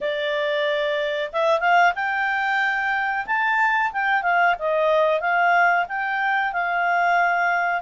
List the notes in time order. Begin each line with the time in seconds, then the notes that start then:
0.00 D5
1.32 E5
1.60 F5
1.95 G5
3.26 A5
3.92 G5
4.22 F5
4.58 D#5
5.20 F5
5.88 G5
6.52 F5